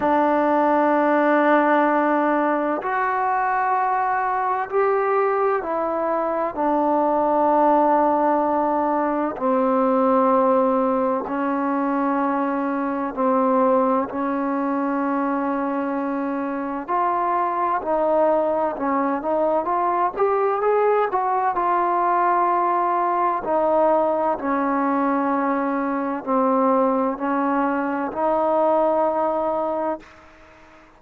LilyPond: \new Staff \with { instrumentName = "trombone" } { \time 4/4 \tempo 4 = 64 d'2. fis'4~ | fis'4 g'4 e'4 d'4~ | d'2 c'2 | cis'2 c'4 cis'4~ |
cis'2 f'4 dis'4 | cis'8 dis'8 f'8 g'8 gis'8 fis'8 f'4~ | f'4 dis'4 cis'2 | c'4 cis'4 dis'2 | }